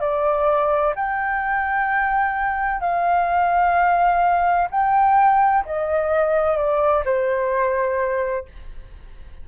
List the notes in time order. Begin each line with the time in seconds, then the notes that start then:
0.00 D5
0.95 G5
2.80 F5
4.70 G5
5.65 D#5
6.57 D5
7.04 C5